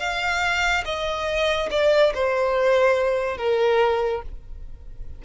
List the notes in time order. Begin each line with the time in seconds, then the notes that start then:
0.00 F5
0.86 D#5
1.71 D5
2.15 C5
3.38 A#4